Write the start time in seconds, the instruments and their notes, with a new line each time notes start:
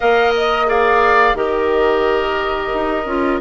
0.00 bassoon A#3, clarinet A#4, oboe D#5, flute F5
0.37 flute D#5
0.66 clarinet G#4, oboe D5, flute F5
1.34 bassoon D#3, clarinet G4, oboe A#4, flute D#5
2.73 bassoon D#4
3.05 bassoon C#4, clarinet F4